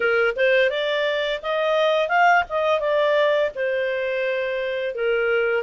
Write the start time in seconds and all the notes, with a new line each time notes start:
0.00 A#4
0.36 C5
0.70 D5
1.42 D#5
2.08 F5
2.49 D#5
2.79 D5
3.55 C5
4.94 A#4